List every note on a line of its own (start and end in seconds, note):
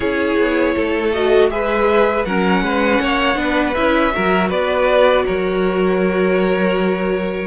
0.00 0.35 C#4
0.00 1.12 E4
0.00 0.74 G#4
0.00 1.11 C#5
0.37 0.74 B3
0.75 1.49 A3
0.75 1.50 A4
1.12 1.50 F#4
1.12 1.49 D#5
1.49 2.24 G#3
1.49 2.25 G#4
1.49 2.25 B4
1.49 2.25 E5
2.25 2.61 F#3
2.25 3.35 C#4
2.25 2.63 A#4
2.25 3.74 F#5
2.61 2.99 G#3
2.61 3.01 B4
3.01 3.35 A#3
3.01 3.38 C#5
3.35 3.72 B3
3.35 3.72 D4
3.35 4.13 B4
3.74 4.14 C#4
3.74 4.12 E4
3.74 4.49 E5
4.12 4.51 F#3
4.12 7.47 F#4
4.12 4.48 A#4
4.48 5.26 B3
4.48 5.23 B4
4.48 5.25 D5
5.25 7.47 F#3
5.25 7.47 A#4
5.25 7.47 C#5